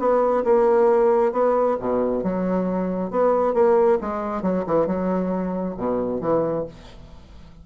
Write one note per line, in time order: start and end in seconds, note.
0.00 0.44 B3
0.44 1.33 A#3
1.33 1.77 B3
1.80 2.24 B2
2.24 3.11 F#3
3.11 3.54 B3
3.54 3.99 A#3
4.01 4.43 G#3
4.43 4.65 F#3
4.67 4.87 E3
4.87 5.76 F#3
5.77 6.21 B2
6.21 6.65 E3